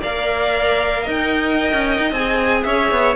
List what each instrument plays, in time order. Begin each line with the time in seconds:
0.00 cello A#3, viola A#4, violin D5 F5
1.02 cello D#4, violin D#5
1.10 violin G5
1.73 cello C#4
1.98 cello D#4
2.11 cello C4, viola G#4, violin G#5
2.63 cello C#4, violin C#5 E5
2.90 cello B3